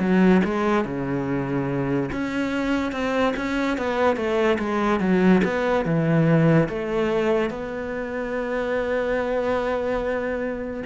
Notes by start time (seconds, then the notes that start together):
0.00 F#3
0.45 G#3
0.86 C#3
2.12 C#4
2.92 C4
3.37 C#4
3.78 B3
4.17 A3
4.59 G#3
5.00 F#3
5.45 B3
5.86 E3
6.69 A3
7.50 B3